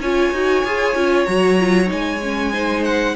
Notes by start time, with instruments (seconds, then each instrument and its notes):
0.00 cello C#4, viola F4, violin C#5 G#5
0.32 cello D#4, viola F#4
0.65 cello F4, viola G#4
0.95 cello C#4, viola F4
1.26 cello F#3, viola F#4, violin A#5
1.60 viola F4
1.86 cello G#3, viola D#4, violin G#5
2.23 viola C#4
2.53 viola D#4, violin C5
2.84 violin F#5